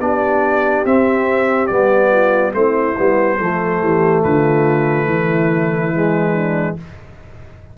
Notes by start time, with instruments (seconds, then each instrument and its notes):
0.00 tuba B3, trombone D4, horn G4, trumpet D5
0.85 tuba C4, trombone C4, trumpet E5
1.67 tuba G3, trombone B3, trumpet D5
2.12 horn F4
2.53 tuba A3, trombone C4, horn E4, trumpet C5
2.97 tuba G3, trombone B3
3.37 tuba F3, trombone A3, horn A4
3.82 tuba E3, horn G4
4.24 tuba D3, horn F4, trumpet B4
5.06 tuba E3, horn E4
5.94 trombone G#3
6.35 horn D4